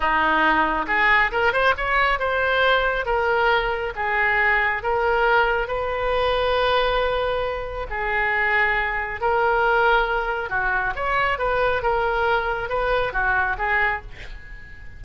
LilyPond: \new Staff \with { instrumentName = "oboe" } { \time 4/4 \tempo 4 = 137 dis'2 gis'4 ais'8 c''8 | cis''4 c''2 ais'4~ | ais'4 gis'2 ais'4~ | ais'4 b'2.~ |
b'2 gis'2~ | gis'4 ais'2. | fis'4 cis''4 b'4 ais'4~ | ais'4 b'4 fis'4 gis'4 | }